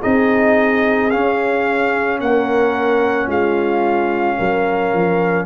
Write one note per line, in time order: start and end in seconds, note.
0.00 1.13 C4
0.00 1.11 D#4
0.00 2.18 G#4
0.00 1.10 D#5
1.10 5.45 C#4
1.10 2.20 C#4
1.10 2.19 F5
2.20 3.27 A#3
2.20 3.27 A#4
2.20 3.29 F#5
3.27 4.36 G#3
3.27 4.36 F4
3.27 5.45 F5
4.38 4.94 F#3
4.38 5.45 A#4
4.94 5.45 F3